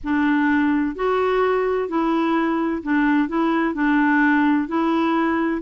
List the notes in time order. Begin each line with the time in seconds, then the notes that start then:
0.03 D4
0.95 F#4
1.88 E4
2.83 D4
3.28 E4
3.74 D4
4.67 E4